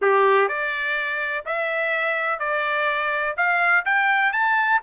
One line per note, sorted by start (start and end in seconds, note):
0.01 0.48 G4
0.48 1.44 D5
1.45 2.39 E5
2.39 3.35 D5
3.36 3.84 F5
3.85 4.32 G5
4.32 4.80 A5